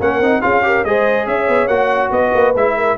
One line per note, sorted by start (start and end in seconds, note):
0.00 0.20 A#3
0.00 0.22 C#4
0.00 0.42 A#4
0.00 0.42 F#5
0.20 0.41 C4
0.20 0.42 D#4
0.42 0.84 C#4
0.42 0.63 F4
0.42 0.63 G#4
0.42 0.84 F5
0.63 0.84 G4
0.63 0.87 A#4
0.84 1.27 G#3
0.84 1.69 G#4
0.84 1.27 C5
0.84 1.27 D#5
1.27 1.48 C#4
1.27 2.12 C#5
1.27 1.68 E5
1.48 1.67 B3
1.67 2.10 A#3
1.67 2.54 F#4
1.67 2.10 F#5
2.11 2.32 B3
2.11 2.77 B4
2.11 2.54 D#5
2.35 2.56 A#3
2.56 2.97 G#3
2.56 2.97 E4
2.56 2.97 E5
2.77 2.97 A#4